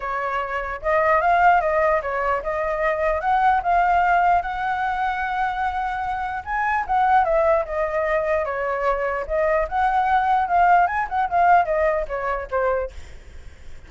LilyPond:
\new Staff \with { instrumentName = "flute" } { \time 4/4 \tempo 4 = 149 cis''2 dis''4 f''4 | dis''4 cis''4 dis''2 | fis''4 f''2 fis''4~ | fis''1 |
gis''4 fis''4 e''4 dis''4~ | dis''4 cis''2 dis''4 | fis''2 f''4 gis''8 fis''8 | f''4 dis''4 cis''4 c''4 | }